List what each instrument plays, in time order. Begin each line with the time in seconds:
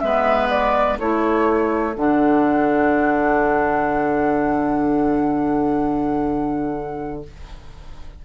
0.00 bassoon G#3, clarinet B3, oboe B4, flute E5
0.50 flute D5
0.99 bassoon A3, clarinet E4, oboe A4, flute C#5
1.95 bassoon D3, clarinet D4, flute F#5